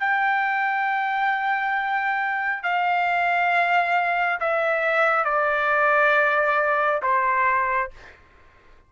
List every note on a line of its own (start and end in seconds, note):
0.00 2.63 G5
2.63 4.39 F5
4.40 5.25 E5
5.25 7.01 D5
7.02 7.91 C5